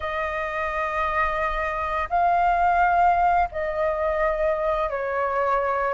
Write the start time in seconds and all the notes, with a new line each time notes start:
0.00 D#5
2.09 F5
3.51 D#5
4.90 C#5